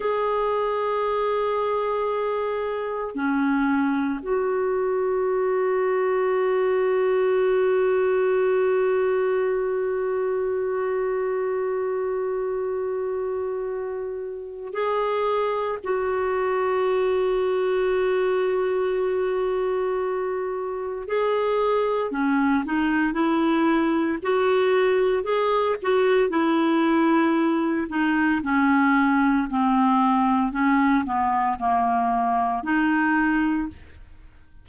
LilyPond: \new Staff \with { instrumentName = "clarinet" } { \time 4/4 \tempo 4 = 57 gis'2. cis'4 | fis'1~ | fis'1~ | fis'2 gis'4 fis'4~ |
fis'1 | gis'4 cis'8 dis'8 e'4 fis'4 | gis'8 fis'8 e'4. dis'8 cis'4 | c'4 cis'8 b8 ais4 dis'4 | }